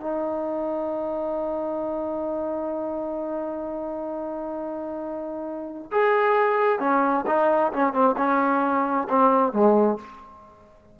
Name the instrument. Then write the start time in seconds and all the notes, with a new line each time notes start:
trombone
0.00 D#4
5.91 G#4
6.79 C#4
7.27 D#4
7.73 C#4
7.93 C4
8.17 C#4
9.09 C4
9.52 G#3